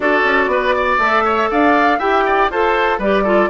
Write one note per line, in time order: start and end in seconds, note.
0.00 0.23 D4
0.00 1.00 F#4
0.00 0.50 A4
0.00 0.99 D5
0.23 0.46 C#4
0.46 0.96 B3
0.46 0.75 B4
0.75 1.24 D5
0.98 1.48 A3
0.98 2.00 A4
0.98 1.49 E5
1.24 1.49 C#5
1.50 1.99 D4
1.50 1.98 D5
1.50 1.99 F5
1.98 2.49 E4
1.98 2.50 G4
1.98 2.23 E5
1.98 2.49 G5
2.26 2.51 D5
2.49 2.98 F4
2.49 3.01 A4
2.49 2.98 C5
2.49 3.01 A5
2.98 3.48 G3
2.98 3.25 G4
2.98 3.23 B4
2.98 3.49 D5
3.23 3.49 F4
3.23 3.48 A4